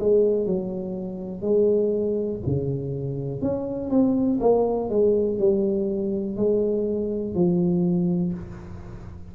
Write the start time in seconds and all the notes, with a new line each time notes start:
0.00 G#3
0.46 F#3
1.42 G#3
2.46 C#3
3.42 C#4
3.90 C4
4.41 A#3
4.90 G#3
5.39 G3
6.37 G#3
7.35 F3